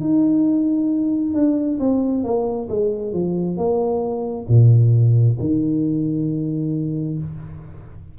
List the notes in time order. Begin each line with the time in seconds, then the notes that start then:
0.00 D#4
1.34 D4
1.80 C4
2.24 A#3
2.69 G#3
3.13 F3
3.57 A#3
4.48 A#2
5.39 D#3